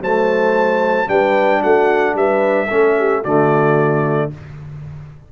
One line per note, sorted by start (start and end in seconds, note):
0.00 1.07 F#3
0.00 1.06 A3
0.00 1.09 C5
0.00 1.09 A5
1.06 1.62 G3
1.06 2.67 D4
1.06 1.61 B4
1.06 1.62 G5
1.61 2.14 A3
1.61 2.15 F#4
1.61 2.16 F#5
2.14 2.68 G3
2.14 2.68 B4
2.14 3.24 E5
2.68 3.25 A3
2.68 3.23 C#4
2.68 2.95 A4
2.98 3.22 G4
3.22 4.32 D3
3.22 4.31 A3
3.22 4.29 F#4
3.22 4.31 D5